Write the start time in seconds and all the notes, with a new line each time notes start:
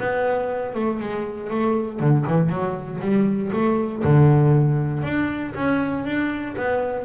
0.00 B3
0.75 A3
1.00 G#3
1.51 A3
2.00 D3
2.28 E3
2.50 F#3
3.02 G3
3.53 A3
4.04 D3
5.04 D4
5.56 C#4
6.05 D4
6.57 B3